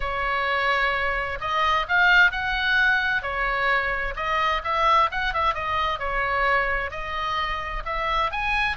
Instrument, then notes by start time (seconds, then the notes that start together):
oboe
0.00 C#5
1.40 D#5
1.88 F5
2.31 F#5
3.22 C#5
4.15 D#5
4.64 E5
5.11 F#5
5.33 E5
5.54 D#5
5.99 C#5
6.90 D#5
7.85 E5
8.31 G#5